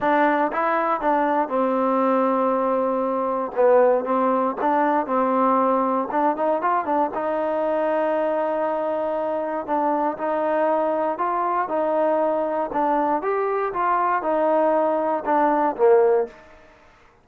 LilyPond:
\new Staff \with { instrumentName = "trombone" } { \time 4/4 \tempo 4 = 118 d'4 e'4 d'4 c'4~ | c'2. b4 | c'4 d'4 c'2 | d'8 dis'8 f'8 d'8 dis'2~ |
dis'2. d'4 | dis'2 f'4 dis'4~ | dis'4 d'4 g'4 f'4 | dis'2 d'4 ais4 | }